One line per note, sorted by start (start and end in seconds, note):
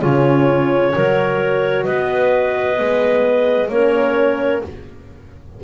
0.00 0.94 C#3
0.00 0.92 C#4
0.00 0.92 F4
0.00 1.85 C#5
0.92 1.88 F#3
0.92 2.77 F#4
0.92 1.84 A#4
1.84 2.80 B3
1.84 3.69 B4
1.84 3.69 D#5
2.79 3.69 G#3
2.79 3.71 B3
3.69 4.62 A#3
3.69 4.63 C#4
3.69 4.64 A#4
3.69 4.62 C#5